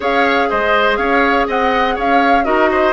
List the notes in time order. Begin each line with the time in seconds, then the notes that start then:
0.00 C#4 G#4 C#5 F5
0.49 G#3 C5 D#5
0.96 C#4 C#5 F5
1.47 C4 D#5 F#5
1.95 C#4 C#5 F5
2.44 D#4 F#4 A#4 D#5
2.71 C5